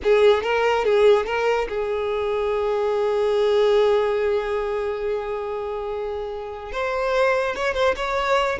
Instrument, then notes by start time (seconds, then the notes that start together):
violin
0.03 G#4
0.43 A#4
0.84 G#4
1.26 A#4
1.68 G#4
6.72 C5
7.55 C#5
7.74 C5
7.95 C#5